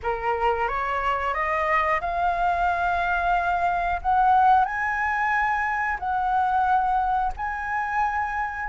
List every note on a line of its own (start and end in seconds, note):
0.02 0.68 A#4
0.68 1.33 C#5
1.33 2.00 D#5
2.01 4.01 F5
4.02 4.65 F#5
4.65 5.98 G#5
5.99 7.32 F#5
7.37 8.68 G#5